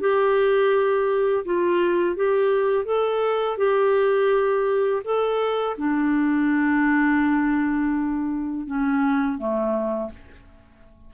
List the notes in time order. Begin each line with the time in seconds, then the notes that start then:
0.00 G4
1.45 F4
2.16 G4
2.85 A4
3.57 G4
5.04 A4
5.77 D4
8.66 C#4
9.38 A3